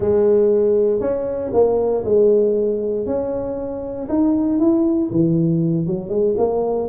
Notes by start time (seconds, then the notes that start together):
0.00 G#3
1.00 C#4
1.53 A#3
2.05 G#3
3.06 C#4
4.08 D#4
4.59 E4
5.11 E3
5.86 F#3
6.09 G#3
6.37 A#3